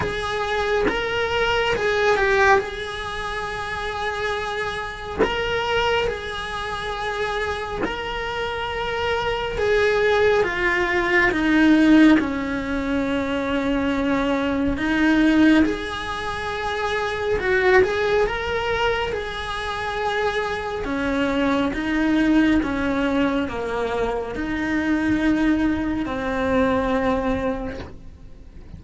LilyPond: \new Staff \with { instrumentName = "cello" } { \time 4/4 \tempo 4 = 69 gis'4 ais'4 gis'8 g'8 gis'4~ | gis'2 ais'4 gis'4~ | gis'4 ais'2 gis'4 | f'4 dis'4 cis'2~ |
cis'4 dis'4 gis'2 | fis'8 gis'8 ais'4 gis'2 | cis'4 dis'4 cis'4 ais4 | dis'2 c'2 | }